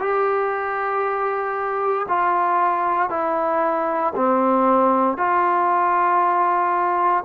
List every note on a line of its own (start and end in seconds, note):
0.00 2.07 G4
2.09 3.10 F4
3.10 4.13 E4
4.16 5.18 C4
5.18 7.25 F4